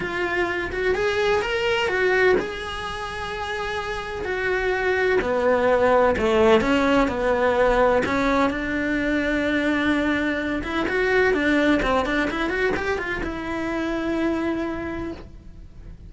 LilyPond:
\new Staff \with { instrumentName = "cello" } { \time 4/4 \tempo 4 = 127 f'4. fis'8 gis'4 ais'4 | fis'4 gis'2.~ | gis'4 fis'2 b4~ | b4 a4 cis'4 b4~ |
b4 cis'4 d'2~ | d'2~ d'8 e'8 fis'4 | d'4 c'8 d'8 e'8 fis'8 g'8 f'8 | e'1 | }